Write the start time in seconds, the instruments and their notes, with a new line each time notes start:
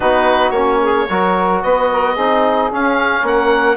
0.00 bassoon B3, trombone D#4, saxophone F#4, oboe B4
0.50 bassoon A#3, trombone C#4, oboe C#5
0.81 saxophone G#4
1.09 bassoon F#3, trombone F#4, saxophone A#4
1.62 bassoon B3, saxophone B4, oboe D#5
1.91 saxophone A#4
2.13 bassoon C4, trombone D#4, saxophone G#4
2.71 trombone C#4, bassoon C#4, oboe F5
3.22 bassoon A#3, saxophone A#4, oboe F#5